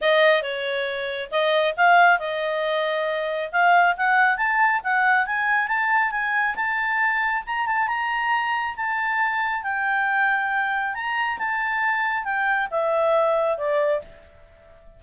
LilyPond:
\new Staff \with { instrumentName = "clarinet" } { \time 4/4 \tempo 4 = 137 dis''4 cis''2 dis''4 | f''4 dis''2. | f''4 fis''4 a''4 fis''4 | gis''4 a''4 gis''4 a''4~ |
a''4 ais''8 a''8 ais''2 | a''2 g''2~ | g''4 ais''4 a''2 | g''4 e''2 d''4 | }